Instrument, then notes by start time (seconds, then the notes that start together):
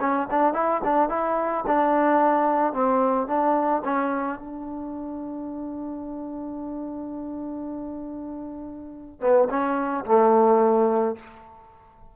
trombone
0.00 C#4
0.31 D4
0.54 E4
0.84 D4
1.09 E4
1.67 D4
2.73 C4
3.27 D4
3.84 C#4
4.39 D4
9.21 B3
9.50 C#4
10.05 A3